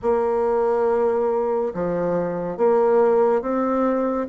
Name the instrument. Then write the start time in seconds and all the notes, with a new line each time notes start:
bassoon
0.02 A#3
1.74 F3
2.57 A#3
3.41 C4